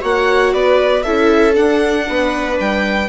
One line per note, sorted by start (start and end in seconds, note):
0.00 0.53 A#3
0.00 1.03 F#4
0.00 0.52 C#5
0.00 0.53 F#5
0.53 1.04 B3
0.53 1.03 B4
0.53 1.02 D5
1.02 1.57 C#4
1.02 1.53 E4
1.02 2.06 A4
1.02 1.54 E5
1.53 3.07 D4
1.53 2.08 D4
1.53 2.58 F#5
2.08 2.59 B3
2.08 3.08 B4
2.59 3.08 G3
2.59 3.08 G5